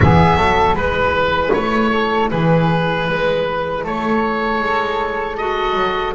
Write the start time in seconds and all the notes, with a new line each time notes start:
0.00 E3 B3 G#4 E5
0.36 F#3 A4
0.73 G#3 E4 B4
1.53 A3 C#5
1.91 A4
2.30 E3 G#4 B4
3.08 G#3 B4
3.84 A3 A4 C#5
4.60 G#3
5.37 F#4 D#5
5.74 F#3